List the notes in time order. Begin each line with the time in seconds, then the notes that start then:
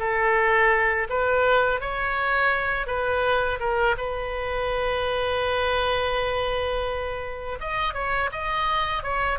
0.00 A4
1.10 B4
1.81 C#5
2.87 B4
3.60 A#4
3.98 B4
7.61 D#5
7.95 C#5
8.32 D#5
9.04 C#5